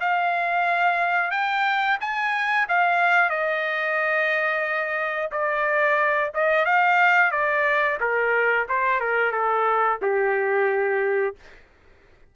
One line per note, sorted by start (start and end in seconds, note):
0.00 1.31 F5
1.31 1.97 G5
2.00 2.67 G#5
2.68 3.29 F5
3.29 5.29 D#5
5.31 6.31 D5
6.34 6.65 D#5
6.65 7.31 F5
7.31 7.98 D5
8.00 8.67 A#4
8.68 9.00 C5
9.00 9.32 A#4
9.32 9.98 A4
10.02 11.35 G4